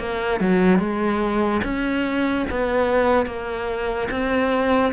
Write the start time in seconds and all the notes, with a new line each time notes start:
0.00 A#3
0.41 F#3
0.80 G#3
1.64 C#4
2.51 B3
3.27 A#3
4.11 C4